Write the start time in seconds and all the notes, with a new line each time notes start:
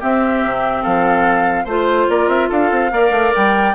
0.00 C4 G4 E5
0.44 C3
0.83 F3 A4 F5
1.64 A3 F4 C5
2.09 A#3 A#4 D5
2.28 C4 E5
2.49 D4 A4 F5
2.71 C4
2.91 A#3 A#4 D5
3.11 A3
3.35 G3 G5